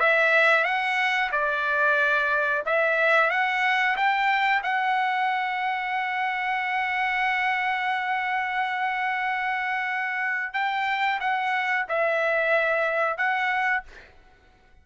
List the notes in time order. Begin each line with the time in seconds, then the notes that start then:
0.00 E5
0.64 F#5
1.32 D5
2.66 E5
3.31 F#5
3.97 G5
4.63 F#5
10.54 G5
11.20 F#5
11.89 E5
13.17 F#5